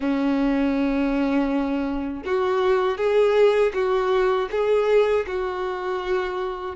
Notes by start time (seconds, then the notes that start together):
0.00 C#4
2.25 F#4
2.97 G#4
3.73 F#4
4.51 G#4
5.26 F#4